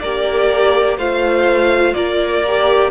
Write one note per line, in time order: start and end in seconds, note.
0.00 0.97 A#3
0.00 0.99 G4
0.00 0.97 A#4
0.00 0.97 D5
0.97 1.94 A3
0.97 2.44 F4
0.97 1.94 C5
0.97 1.93 F5
1.93 2.91 A#3
1.93 2.91 A#4
1.93 2.90 D5
2.47 2.91 G4